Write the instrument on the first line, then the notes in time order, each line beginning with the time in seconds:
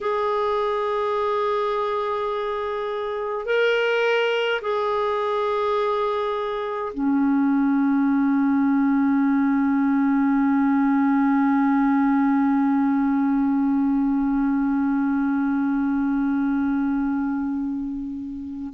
clarinet
0.00 G#4
3.45 A#4
4.61 G#4
6.93 C#4